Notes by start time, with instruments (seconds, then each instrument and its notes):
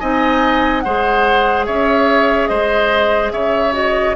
0.00 bassoon C4, clarinet D#4, oboe D#5, flute G#5
0.81 bassoon G#3, clarinet G#4, oboe C5, flute F#5
1.66 bassoon C#4, oboe C#5, flute E5
2.48 bassoon G#3, oboe C5, flute D#5
3.32 bassoon C#3, oboe C#5, flute E5
3.73 clarinet F#4, flute D#5